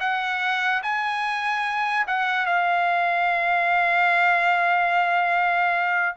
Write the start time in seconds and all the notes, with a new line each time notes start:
0.00 F#5
0.83 G#5
2.07 F#5
2.46 F5